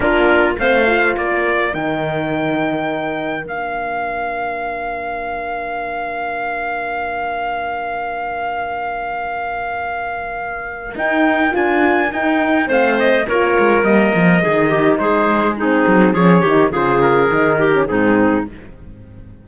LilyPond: <<
  \new Staff \with { instrumentName = "trumpet" } { \time 4/4 \tempo 4 = 104 ais'4 f''4 d''4 g''4~ | g''2 f''2~ | f''1~ | f''1~ |
f''2. g''4 | gis''4 g''4 f''8 dis''8 cis''4 | dis''2 c''4 gis'4 | cis''4 c''8 ais'4. gis'4 | }
  \new Staff \with { instrumentName = "clarinet" } { \time 4/4 f'4 c''4 ais'2~ | ais'1~ | ais'1~ | ais'1~ |
ais'1~ | ais'2 c''4 ais'4~ | ais'4 gis'8 g'8 gis'4 dis'4 | gis'8 g'8 gis'4. g'8 dis'4 | }
  \new Staff \with { instrumentName = "horn" } { \time 4/4 d'4 c'8 f'4. dis'4~ | dis'2 d'2~ | d'1~ | d'1~ |
d'2. dis'4 | f'4 dis'4 c'4 f'4 | ais4 dis'2 c'4 | cis'8 dis'8 f'4 dis'8. cis'16 c'4 | }
  \new Staff \with { instrumentName = "cello" } { \time 4/4 ais4 a4 ais4 dis4~ | dis2 ais2~ | ais1~ | ais1~ |
ais2. dis'4 | d'4 dis'4 a4 ais8 gis8 | g8 f8 dis4 gis4. fis8 | f8 dis8 cis4 dis4 gis,4 | }
>>